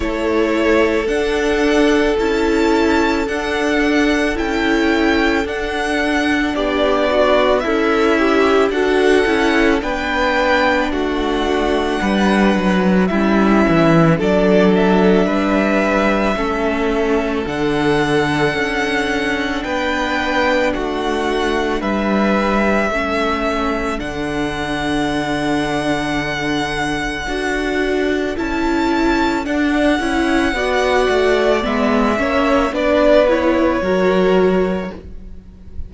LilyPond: <<
  \new Staff \with { instrumentName = "violin" } { \time 4/4 \tempo 4 = 55 cis''4 fis''4 a''4 fis''4 | g''4 fis''4 d''4 e''4 | fis''4 g''4 fis''2 | e''4 d''8 e''2~ e''8 |
fis''2 g''4 fis''4 | e''2 fis''2~ | fis''2 a''4 fis''4~ | fis''4 e''4 d''8 cis''4. | }
  \new Staff \with { instrumentName = "violin" } { \time 4/4 a'1~ | a'2 g'8 fis'8 e'4 | a'4 b'4 fis'4 b'4 | e'4 a'4 b'4 a'4~ |
a'2 b'4 fis'4 | b'4 a'2.~ | a'1 | d''4. cis''8 b'4 ais'4 | }
  \new Staff \with { instrumentName = "viola" } { \time 4/4 e'4 d'4 e'4 d'4 | e'4 d'2 a'8 g'8 | fis'8 e'8 d'2. | cis'4 d'2 cis'4 |
d'1~ | d'4 cis'4 d'2~ | d'4 fis'4 e'4 d'8 e'8 | fis'4 b8 cis'8 d'8 e'8 fis'4 | }
  \new Staff \with { instrumentName = "cello" } { \time 4/4 a4 d'4 cis'4 d'4 | cis'4 d'4 b4 cis'4 | d'8 cis'8 b4 a4 g8 fis8 | g8 e8 fis4 g4 a4 |
d4 cis'4 b4 a4 | g4 a4 d2~ | d4 d'4 cis'4 d'8 cis'8 | b8 a8 gis8 ais8 b4 fis4 | }
>>